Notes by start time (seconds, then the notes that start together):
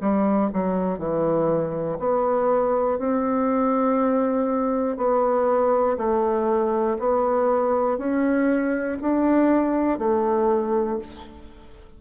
0.00 G3
0.53 F#3
0.98 E3
1.99 B3
2.98 C4
4.97 B3
5.97 A3
6.99 B3
7.98 C#4
9.01 D4
9.98 A3